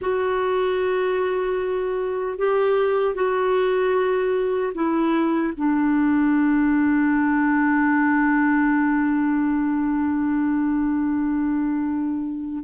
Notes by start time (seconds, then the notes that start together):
0.01 F#4
2.38 G4
3.14 F#4
4.74 E4
5.57 D4